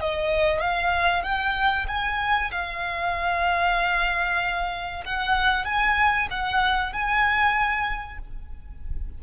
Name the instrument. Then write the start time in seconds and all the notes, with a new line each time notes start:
violin
0.00 D#5
0.61 F5
1.23 G5
1.88 G#5
2.51 F5
5.05 F#5
5.65 G#5
6.31 F#5
6.92 G#5